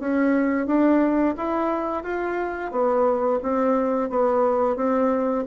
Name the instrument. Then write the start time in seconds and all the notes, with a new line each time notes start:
bassoon
0.00 C#4
0.67 D4
1.37 E4
2.04 F4
2.71 B3
3.43 C4
4.10 B3
4.76 C4